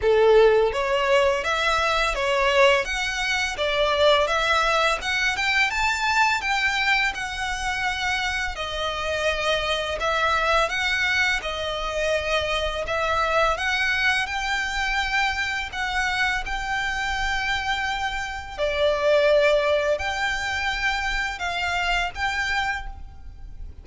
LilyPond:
\new Staff \with { instrumentName = "violin" } { \time 4/4 \tempo 4 = 84 a'4 cis''4 e''4 cis''4 | fis''4 d''4 e''4 fis''8 g''8 | a''4 g''4 fis''2 | dis''2 e''4 fis''4 |
dis''2 e''4 fis''4 | g''2 fis''4 g''4~ | g''2 d''2 | g''2 f''4 g''4 | }